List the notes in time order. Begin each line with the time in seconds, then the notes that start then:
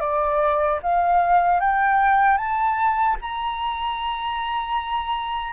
0.00 D5
0.82 F5
1.60 G5
2.37 A5
3.21 A#5